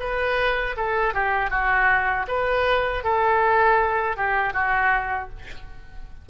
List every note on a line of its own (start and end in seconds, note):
0.00 0.76 B4
0.77 1.14 A4
1.14 1.50 G4
1.50 2.26 F#4
2.28 3.04 B4
3.04 4.17 A4
4.17 4.54 G4
4.54 5.30 F#4